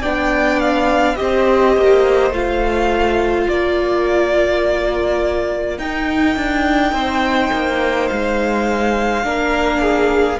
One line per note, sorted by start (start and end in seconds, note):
0.00 1.19 B3
0.00 1.16 D4
0.00 1.15 D5
0.00 0.59 G5
0.59 1.15 F5
1.15 1.77 C4
1.15 2.31 G4
1.15 3.49 C5
1.15 2.31 D#5
1.77 2.30 A#3
2.30 3.46 A3
2.30 5.79 F4
2.30 3.48 F5
3.48 5.78 A#3
3.48 6.94 A#4
3.48 5.78 D5
5.78 6.36 D#4
5.78 9.22 D#4
5.78 8.07 G5
6.36 6.92 D4
6.92 7.50 C4
6.92 9.25 C5
7.52 8.10 A#3
8.07 9.24 G#3
8.07 10.38 F5
9.22 10.39 A#3
9.22 10.38 D4
9.22 9.81 A#4
9.81 10.39 G#4